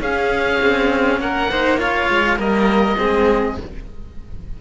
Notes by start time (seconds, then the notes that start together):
0.00 C#4 G#4 F5
0.61 C4
1.20 A#3 A#4 F#5
1.51 D#4 C5
1.78 F4 C#5 F5
2.09 G#3
2.36 G3 A#3 A#4 D#5
2.97 G#3 C4 G#4